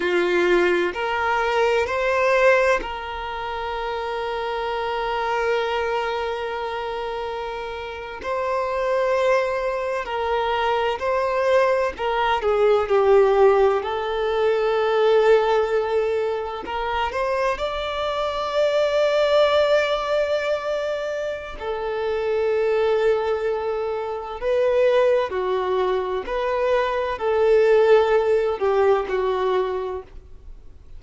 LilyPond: \new Staff \with { instrumentName = "violin" } { \time 4/4 \tempo 4 = 64 f'4 ais'4 c''4 ais'4~ | ais'1~ | ais'8. c''2 ais'4 c''16~ | c''8. ais'8 gis'8 g'4 a'4~ a'16~ |
a'4.~ a'16 ais'8 c''8 d''4~ d''16~ | d''2. a'4~ | a'2 b'4 fis'4 | b'4 a'4. g'8 fis'4 | }